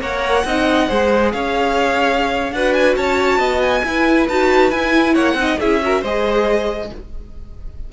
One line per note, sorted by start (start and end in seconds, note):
0.00 0.44 A#3
0.00 0.46 A#4
0.00 0.45 C#5
0.00 1.32 F#5
0.45 0.88 C4
0.45 0.89 D#4
0.45 0.88 D#5
0.88 1.33 G#3
0.88 2.53 G#4
0.88 1.32 C5
1.32 2.52 C#4
1.32 2.54 C#5
1.32 2.52 F5
2.52 2.95 D4
2.52 3.85 F#4
2.52 2.97 B4
2.52 2.73 F#5
2.73 2.95 G#5
2.96 3.38 C#4
2.96 3.39 C#5
2.96 3.61 A5
3.38 3.82 B3
3.38 3.82 D#5
3.61 4.27 G#5
3.84 4.28 E4
3.84 5.13 B4
4.28 4.72 D#4
4.28 4.73 F#4
4.28 4.71 A5
4.71 5.16 E4
4.71 5.38 E4
4.71 5.14 G#5
5.13 5.34 A#3
5.13 5.35 C#5
5.13 5.58 F#5
5.34 5.56 C4
5.34 5.60 D#4
5.40 5.60 D#5
5.60 6.03 C#4
5.60 5.82 E4
5.60 5.81 G#4
5.60 6.04 E5
5.82 6.03 F#4
5.82 6.01 A#4
6.01 6.90 G#3
6.01 6.93 G#4
6.01 6.88 C5
6.01 6.92 D#5